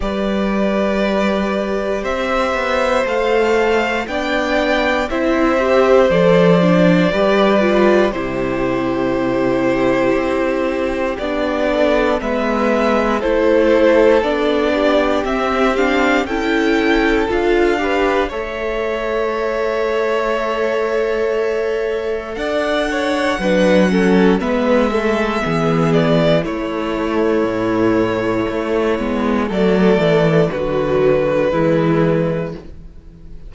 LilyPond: <<
  \new Staff \with { instrumentName = "violin" } { \time 4/4 \tempo 4 = 59 d''2 e''4 f''4 | g''4 e''4 d''2 | c''2. d''4 | e''4 c''4 d''4 e''8 f''8 |
g''4 f''4 e''2~ | e''2 fis''2 | e''4. d''8 cis''2~ | cis''4 d''4 b'2 | }
  \new Staff \with { instrumentName = "violin" } { \time 4/4 b'2 c''2 | d''4 c''2 b'4 | g'2.~ g'8 a'8 | b'4 a'4. g'4. |
a'4. b'8 cis''2~ | cis''2 d''8 cis''8 b'8 a'8 | b'8 a'8 gis'4 e'2~ | e'4 a'4 fis'4 e'4 | }
  \new Staff \with { instrumentName = "viola" } { \time 4/4 g'2. a'4 | d'4 e'8 g'8 a'8 d'8 g'8 f'8 | e'2. d'4 | b4 e'4 d'4 c'8 d'8 |
e'4 f'8 g'8 a'2~ | a'2. d'8 cis'8 | b8 a8 b4 a2~ | a8 b8 a4 fis4 gis4 | }
  \new Staff \with { instrumentName = "cello" } { \time 4/4 g2 c'8 b8 a4 | b4 c'4 f4 g4 | c2 c'4 b4 | gis4 a4 b4 c'4 |
cis'4 d'4 a2~ | a2 d'4 fis4 | gis4 e4 a4 a,4 | a8 gis8 fis8 e8 d4 e4 | }
>>